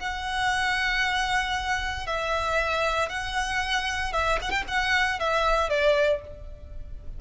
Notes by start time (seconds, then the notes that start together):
0.00 F#5
2.07 E5
3.09 F#5
4.13 E5
4.42 F#5
4.51 G5
4.68 F#5
5.20 E5
5.70 D5